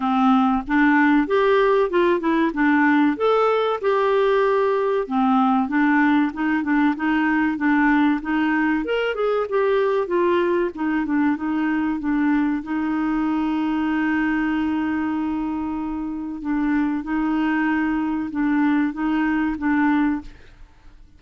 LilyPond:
\new Staff \with { instrumentName = "clarinet" } { \time 4/4 \tempo 4 = 95 c'4 d'4 g'4 f'8 e'8 | d'4 a'4 g'2 | c'4 d'4 dis'8 d'8 dis'4 | d'4 dis'4 ais'8 gis'8 g'4 |
f'4 dis'8 d'8 dis'4 d'4 | dis'1~ | dis'2 d'4 dis'4~ | dis'4 d'4 dis'4 d'4 | }